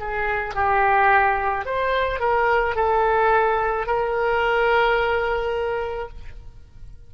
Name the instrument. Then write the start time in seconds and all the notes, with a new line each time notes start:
oboe
0.00 G#4
0.55 G4
1.66 C5
2.20 A#4
2.76 A4
3.86 A#4